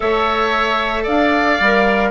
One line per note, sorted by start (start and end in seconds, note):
0.00 1.07 A3
0.00 1.58 A4
0.00 1.03 C#5
0.00 1.05 E5
1.03 1.60 D4
1.03 2.10 D5
1.03 2.10 F5
1.60 2.10 G3
1.60 2.10 A#4